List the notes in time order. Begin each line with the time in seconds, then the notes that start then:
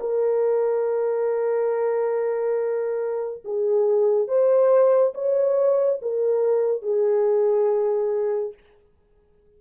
0.00 A#4
3.44 G#4
4.27 C5
5.14 C#5
6.01 A#4
6.82 G#4